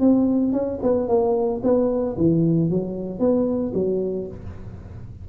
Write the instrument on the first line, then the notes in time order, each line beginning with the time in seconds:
tuba
0.00 C4
0.53 C#4
0.83 B3
1.08 A#3
1.63 B3
2.17 E3
2.70 F#3
3.20 B3
3.74 F#3